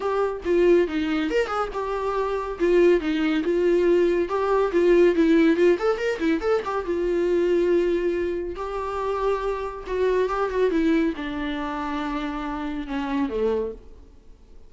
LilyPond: \new Staff \with { instrumentName = "viola" } { \time 4/4 \tempo 4 = 140 g'4 f'4 dis'4 ais'8 gis'8 | g'2 f'4 dis'4 | f'2 g'4 f'4 | e'4 f'8 a'8 ais'8 e'8 a'8 g'8 |
f'1 | g'2. fis'4 | g'8 fis'8 e'4 d'2~ | d'2 cis'4 a4 | }